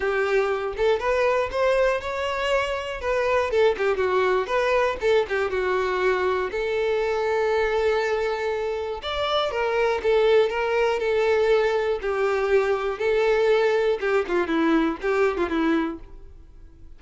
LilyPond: \new Staff \with { instrumentName = "violin" } { \time 4/4 \tempo 4 = 120 g'4. a'8 b'4 c''4 | cis''2 b'4 a'8 g'8 | fis'4 b'4 a'8 g'8 fis'4~ | fis'4 a'2.~ |
a'2 d''4 ais'4 | a'4 ais'4 a'2 | g'2 a'2 | g'8 f'8 e'4 g'8. f'16 e'4 | }